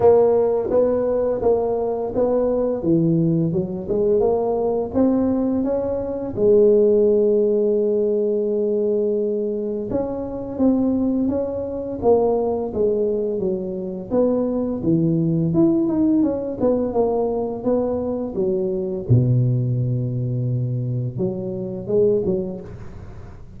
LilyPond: \new Staff \with { instrumentName = "tuba" } { \time 4/4 \tempo 4 = 85 ais4 b4 ais4 b4 | e4 fis8 gis8 ais4 c'4 | cis'4 gis2.~ | gis2 cis'4 c'4 |
cis'4 ais4 gis4 fis4 | b4 e4 e'8 dis'8 cis'8 b8 | ais4 b4 fis4 b,4~ | b,2 fis4 gis8 fis8 | }